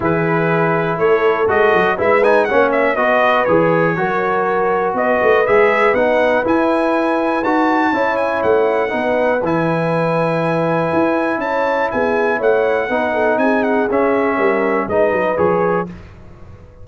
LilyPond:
<<
  \new Staff \with { instrumentName = "trumpet" } { \time 4/4 \tempo 4 = 121 b'2 cis''4 dis''4 | e''8 gis''8 fis''8 e''8 dis''4 cis''4~ | cis''2 dis''4 e''4 | fis''4 gis''2 a''4~ |
a''8 gis''8 fis''2 gis''4~ | gis''2. a''4 | gis''4 fis''2 gis''8 fis''8 | e''2 dis''4 cis''4 | }
  \new Staff \with { instrumentName = "horn" } { \time 4/4 gis'2 a'2 | b'4 cis''4 b'2 | ais'2 b'2~ | b'1 |
cis''2 b'2~ | b'2. cis''4 | gis'4 cis''4 b'8 a'8 gis'4~ | gis'4 ais'4 b'2 | }
  \new Staff \with { instrumentName = "trombone" } { \time 4/4 e'2. fis'4 | e'8 dis'8 cis'4 fis'4 gis'4 | fis'2. gis'4 | dis'4 e'2 fis'4 |
e'2 dis'4 e'4~ | e'1~ | e'2 dis'2 | cis'2 dis'4 gis'4 | }
  \new Staff \with { instrumentName = "tuba" } { \time 4/4 e2 a4 gis8 fis8 | gis4 ais4 b4 e4 | fis2 b8 a8 gis4 | b4 e'2 dis'4 |
cis'4 a4 b4 e4~ | e2 e'4 cis'4 | b4 a4 b4 c'4 | cis'4 g4 gis8 fis8 f4 | }
>>